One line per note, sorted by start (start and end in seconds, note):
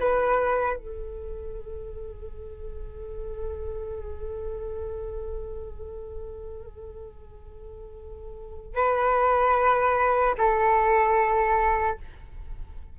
0.00 0.77 B4
0.77 8.76 A4
8.76 10.36 B4
10.38 11.98 A4